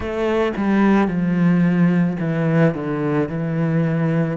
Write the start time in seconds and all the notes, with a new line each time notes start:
0.00 A3
0.57 G3
1.07 F3
2.19 E3
2.74 D3
3.28 E3